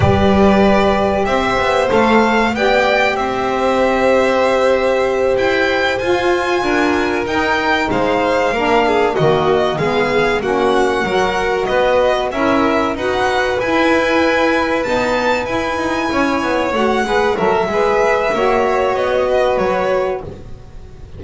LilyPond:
<<
  \new Staff \with { instrumentName = "violin" } { \time 4/4 \tempo 4 = 95 d''2 e''4 f''4 | g''4 e''2.~ | e''8 g''4 gis''2 g''8~ | g''8 f''2 dis''4 f''8~ |
f''8 fis''2 dis''4 e''8~ | e''8 fis''4 gis''2 a''8~ | a''8 gis''2 fis''4 e''8~ | e''2 dis''4 cis''4 | }
  \new Staff \with { instrumentName = "violin" } { \time 4/4 b'2 c''2 | d''4 c''2.~ | c''2~ c''8 ais'4.~ | ais'8 c''4 ais'8 gis'8 fis'4 gis'8~ |
gis'8 fis'4 ais'4 b'4 ais'8~ | ais'8 b'2.~ b'8~ | b'4. cis''4. b'8 ais'8 | b'4 cis''4. b'4. | }
  \new Staff \with { instrumentName = "saxophone" } { \time 4/4 g'2. a'4 | g'1~ | g'4. f'2 dis'8~ | dis'4. d'4 ais4 b8~ |
b8 cis'4 fis'2 e'8~ | e'8 fis'4 e'2 b8~ | b8 e'2 fis'8 gis'8 a'8 | gis'4 fis'2. | }
  \new Staff \with { instrumentName = "double bass" } { \time 4/4 g2 c'8 b8 a4 | b4 c'2.~ | c'8 e'4 f'4 d'4 dis'8~ | dis'8 gis4 ais4 dis4 gis8~ |
gis8 ais4 fis4 b4 cis'8~ | cis'8 dis'4 e'2 dis'8~ | dis'8 e'8 dis'8 cis'8 b8 a8 gis8 fis8 | gis4 ais4 b4 fis4 | }
>>